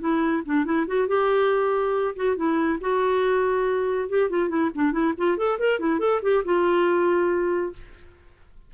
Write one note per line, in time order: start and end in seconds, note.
0.00 0.43 E4
0.45 0.65 D4
0.65 0.86 E4
0.87 1.08 F#4
1.08 2.15 G4
2.16 2.36 F#4
2.36 2.79 E4
2.81 4.09 F#4
4.09 4.30 G4
4.30 4.49 F4
4.49 4.70 E4
4.75 4.92 D4
4.92 5.14 E4
5.17 5.37 F4
5.37 5.59 A4
5.59 5.80 A#4
5.80 5.99 E4
5.99 6.21 A4
6.22 6.44 G4
6.45 7.73 F4